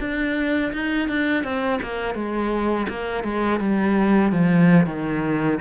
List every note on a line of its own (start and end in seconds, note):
0.00 0.72 D4
0.73 1.09 D#4
1.09 1.44 D4
1.44 1.80 C4
1.82 2.15 A#3
2.15 2.87 G#3
2.89 3.24 A#3
3.24 3.60 G#3
3.60 4.32 G3
4.32 4.86 F3
4.86 5.59 D#3